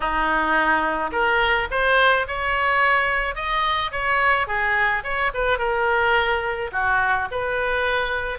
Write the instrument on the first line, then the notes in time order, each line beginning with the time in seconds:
oboe
0.00 D#4
1.11 A#4
1.70 C5
2.27 C#5
3.35 D#5
3.91 C#5
4.47 G#4
5.03 C#5
5.33 B4
5.58 A#4
6.72 F#4
7.31 B4